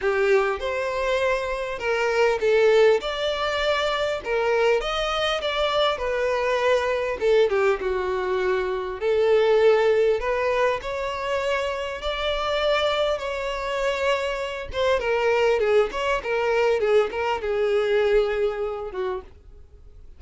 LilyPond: \new Staff \with { instrumentName = "violin" } { \time 4/4 \tempo 4 = 100 g'4 c''2 ais'4 | a'4 d''2 ais'4 | dis''4 d''4 b'2 | a'8 g'8 fis'2 a'4~ |
a'4 b'4 cis''2 | d''2 cis''2~ | cis''8 c''8 ais'4 gis'8 cis''8 ais'4 | gis'8 ais'8 gis'2~ gis'8 fis'8 | }